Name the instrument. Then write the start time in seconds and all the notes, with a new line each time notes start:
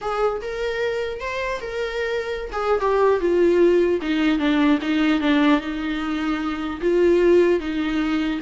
viola
0.01 G#4
0.41 A#4
1.20 C5
1.61 A#4
2.52 G#4
2.80 G4
3.20 F4
4.01 D#4
4.38 D4
4.81 D#4
5.21 D4
5.60 D#4
6.81 F4
7.60 D#4